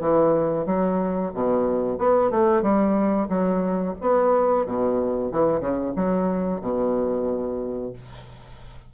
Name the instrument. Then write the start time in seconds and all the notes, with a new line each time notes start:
bassoon
0.00 E3
0.65 F#3
1.33 B2
1.98 B3
2.30 A3
2.62 G3
3.28 F#3
4.01 B3
4.65 B2
5.31 E3
5.60 C#3
5.96 F#3
6.61 B2